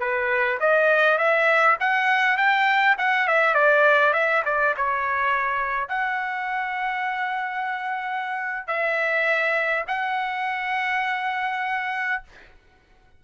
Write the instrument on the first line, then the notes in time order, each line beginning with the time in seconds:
trumpet
0.00 B4
0.60 D#5
1.18 E5
1.80 F#5
2.37 G5
2.98 F#5
3.28 E5
3.55 D5
4.14 E5
4.45 D5
4.77 C#5
5.89 F#5
8.67 E5
9.88 F#5